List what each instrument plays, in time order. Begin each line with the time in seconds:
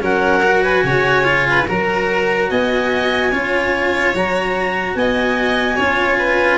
0.00 tuba F#3, cello C#4, violin A#4, clarinet F#5
0.43 cello F#4
0.63 violin B4, clarinet G#5
0.83 tuba C#3, violin C#5
1.24 cello F4
1.49 violin B4
1.67 tuba F#3, cello F#4, violin A#4, clarinet A#5
2.49 tuba B3, violin D#5, clarinet G#5
3.31 tuba C#4, cello F4, violin C#5
4.14 tuba F#3, cello F#4, clarinet A#5
4.95 tuba B3, violin D#5, clarinet G#5
5.75 tuba C#4, cello F4, violin C#5
6.18 violin B4